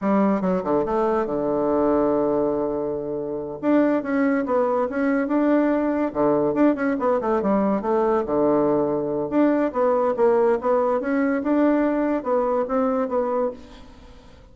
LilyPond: \new Staff \with { instrumentName = "bassoon" } { \time 4/4 \tempo 4 = 142 g4 fis8 d8 a4 d4~ | d1~ | d8 d'4 cis'4 b4 cis'8~ | cis'8 d'2 d4 d'8 |
cis'8 b8 a8 g4 a4 d8~ | d2 d'4 b4 | ais4 b4 cis'4 d'4~ | d'4 b4 c'4 b4 | }